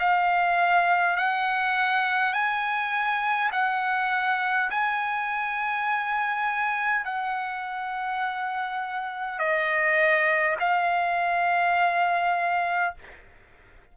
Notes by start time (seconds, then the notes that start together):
0.00 F5
1.17 F#5
2.34 G#5
3.52 F#5
4.71 G#5
7.05 F#5
9.40 D#5
10.60 F5